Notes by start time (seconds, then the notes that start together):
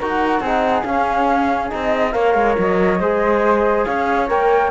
0.00 D#4 F#4 A#4 F#5
0.40 C4 D#4 G#4
0.83 C#4 F5
1.69 C4 D#4 D#5
2.12 A#3 A#4 C#5 F5
2.35 G#3
2.58 F#3 D#5
3.00 G#3 G#4 C5
3.85 C#4 C#5 F5
4.28 A#3 A#4 G5